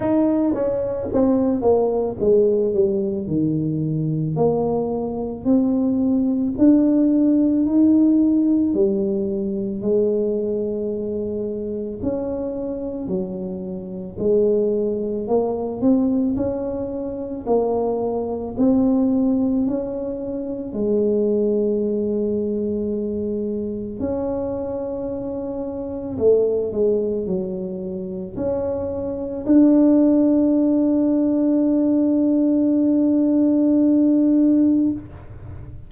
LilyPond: \new Staff \with { instrumentName = "tuba" } { \time 4/4 \tempo 4 = 55 dis'8 cis'8 c'8 ais8 gis8 g8 dis4 | ais4 c'4 d'4 dis'4 | g4 gis2 cis'4 | fis4 gis4 ais8 c'8 cis'4 |
ais4 c'4 cis'4 gis4~ | gis2 cis'2 | a8 gis8 fis4 cis'4 d'4~ | d'1 | }